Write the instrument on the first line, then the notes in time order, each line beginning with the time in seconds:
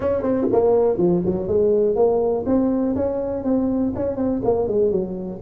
tuba
0.00 C#4
0.22 C4
0.51 A#3
0.97 F3
1.25 F#3
1.47 G#3
1.95 A#3
2.46 C4
2.95 C#4
3.44 C4
3.95 C#4
4.16 C4
4.44 A#3
4.67 G#3
4.91 F#3